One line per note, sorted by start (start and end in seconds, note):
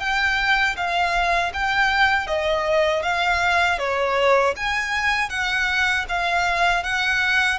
0.00 0.76 G5
0.77 1.53 F5
1.54 2.27 G5
2.27 3.03 D#5
3.03 3.79 F5
3.79 4.55 C#5
4.57 5.30 G#5
5.30 6.06 F#5
6.09 6.84 F5
6.84 7.59 F#5